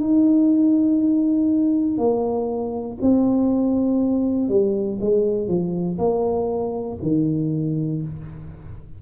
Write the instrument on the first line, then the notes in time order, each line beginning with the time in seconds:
tuba
0.00 D#4
1.97 A#3
3.01 C4
4.49 G3
5.00 G#3
5.48 F3
5.98 A#3
7.02 D#3